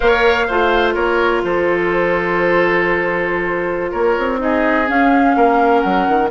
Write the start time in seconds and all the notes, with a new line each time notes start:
0.00 A#3 A#4 C#5 F5
0.47 A3 F4 C5
0.94 A#3 A#4 C#5
1.43 F3 A4 C5
3.91 A#3 A#4 C#5
4.17 C4
4.38 D#4 G#4 D#5
4.86 C#4 F5
5.36 A#3 A#4
5.80 F#3 F#5
6.08 D#3